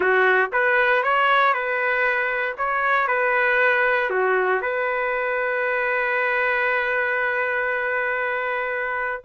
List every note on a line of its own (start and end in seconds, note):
0.00 0.50 F#4
0.52 1.03 B4
1.03 1.53 C#5
1.53 2.56 B4
2.57 3.07 C#5
3.07 4.10 B4
4.10 4.61 F#4
4.61 9.23 B4